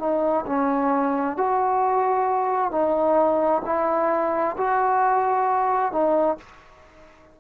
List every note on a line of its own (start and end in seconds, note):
0.00 0.45 D#4
0.46 1.37 C#4
1.38 2.72 F#4
2.72 3.63 D#4
3.66 4.57 E4
4.57 5.93 F#4
5.93 6.38 D#4